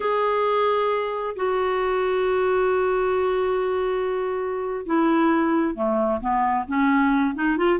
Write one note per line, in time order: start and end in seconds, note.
0.00 1.35 G#4
1.36 4.85 F#4
4.86 5.75 E4
5.75 6.20 A3
6.20 6.65 B3
6.67 7.34 C#4
7.34 7.57 D#4
7.57 7.79 F4